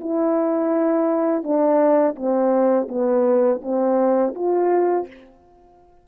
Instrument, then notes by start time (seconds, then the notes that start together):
horn
0.00 E4
1.43 D4
2.16 C4
2.88 B3
3.62 C4
4.35 F4